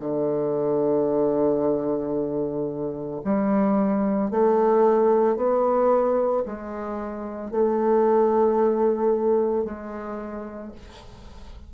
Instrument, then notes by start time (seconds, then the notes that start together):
bassoon
0.00 D3
3.24 G3
4.31 A3
5.36 B3
6.45 G#3
7.51 A3
9.65 G#3